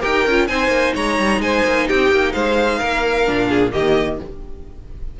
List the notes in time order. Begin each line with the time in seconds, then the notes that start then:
0.00 D#4 G4 A#4 G5
0.26 C#4 F4
0.47 C4 D#4 C5 G#5
0.67 A#3
0.94 G#3 C#5 A#5
1.18 G3
1.39 G#3 C5 G#5
1.66 A#3
1.87 C4 G4 G5
2.11 A#3
2.32 G#3 C5 F5
2.78 A#3 A#4
3.25 A#2 D4
3.49 G#4
3.71 D#3 A#3 G4 D#5